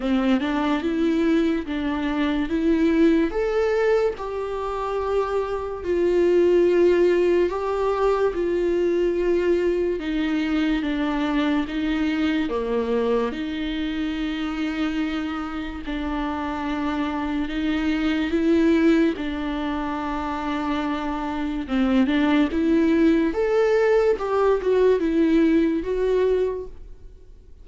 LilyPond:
\new Staff \with { instrumentName = "viola" } { \time 4/4 \tempo 4 = 72 c'8 d'8 e'4 d'4 e'4 | a'4 g'2 f'4~ | f'4 g'4 f'2 | dis'4 d'4 dis'4 ais4 |
dis'2. d'4~ | d'4 dis'4 e'4 d'4~ | d'2 c'8 d'8 e'4 | a'4 g'8 fis'8 e'4 fis'4 | }